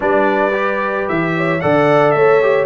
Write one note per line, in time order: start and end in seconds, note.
0.00 1.07 G3
0.00 0.51 D4
0.00 1.33 B4
0.00 1.08 D5
0.53 1.60 G4
1.08 1.62 E3
1.08 1.60 E5
1.36 1.62 C#5
1.60 2.14 D3
1.60 2.42 A4
1.60 2.15 D5
1.60 2.11 F#5
2.11 2.66 A3
2.11 2.66 C#5
2.11 2.64 E5
2.42 2.66 G4